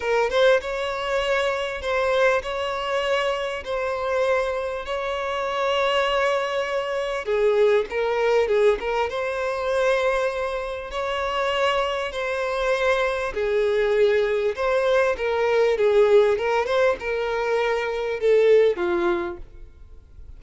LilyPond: \new Staff \with { instrumentName = "violin" } { \time 4/4 \tempo 4 = 99 ais'8 c''8 cis''2 c''4 | cis''2 c''2 | cis''1 | gis'4 ais'4 gis'8 ais'8 c''4~ |
c''2 cis''2 | c''2 gis'2 | c''4 ais'4 gis'4 ais'8 c''8 | ais'2 a'4 f'4 | }